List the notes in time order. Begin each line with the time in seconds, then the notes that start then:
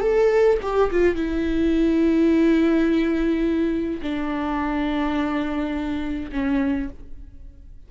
0.00 A4
0.62 G4
0.90 F4
1.15 E4
4.02 D4
6.32 C#4